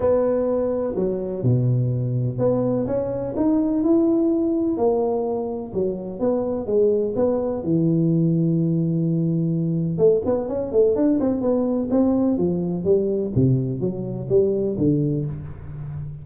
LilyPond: \new Staff \with { instrumentName = "tuba" } { \time 4/4 \tempo 4 = 126 b2 fis4 b,4~ | b,4 b4 cis'4 dis'4 | e'2 ais2 | fis4 b4 gis4 b4 |
e1~ | e4 a8 b8 cis'8 a8 d'8 c'8 | b4 c'4 f4 g4 | c4 fis4 g4 d4 | }